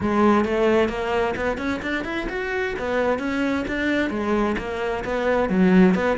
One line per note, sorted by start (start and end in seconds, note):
0.00 0.44 G#3
0.44 0.88 A3
0.88 1.34 A#3
1.36 1.57 B3
1.57 1.80 C#4
1.82 2.04 D4
2.04 2.27 E4
2.29 2.75 F#4
2.78 3.18 B3
3.18 3.64 C#4
3.67 4.10 D4
4.10 4.56 G#3
4.58 5.04 A#3
5.04 5.49 B3
5.49 5.94 F#3
5.94 6.17 B3